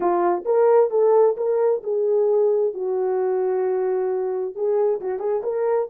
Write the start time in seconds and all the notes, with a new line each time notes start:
0.00 F4
0.45 A#4
0.90 A4
1.36 A#4
1.83 G#4
2.74 F#4
4.55 G#4
5.00 F#4
5.19 G#4
5.43 A#4